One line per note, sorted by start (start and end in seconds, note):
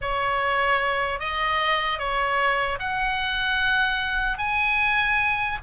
0.01 1.19 C#5
1.19 1.98 D#5
1.98 2.78 C#5
2.79 4.38 F#5
4.38 5.58 G#5